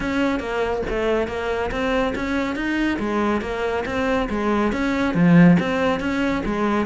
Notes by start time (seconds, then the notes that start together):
0.00 C#4
0.39 A#3
0.89 A3
1.27 A#3
1.71 C4
2.15 C#4
2.55 D#4
2.99 G#3
3.41 A#3
3.85 C4
4.29 G#3
4.72 C#4
5.14 F3
5.59 C4
5.99 C#4
6.45 G#3